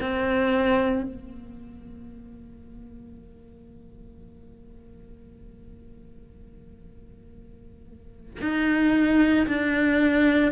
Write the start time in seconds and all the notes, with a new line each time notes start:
0.00 C4
1.02 A#3
8.41 D#4
9.46 D4